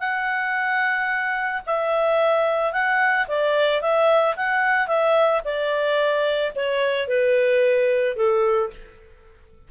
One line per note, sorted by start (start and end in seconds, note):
0.00 1.62 F#5
1.66 2.72 E5
2.72 3.27 F#5
3.28 3.81 D5
3.81 4.35 E5
4.36 4.87 F#5
4.87 5.41 E5
5.45 6.53 D5
6.56 7.08 C#5
7.08 8.16 B4
8.16 8.70 A4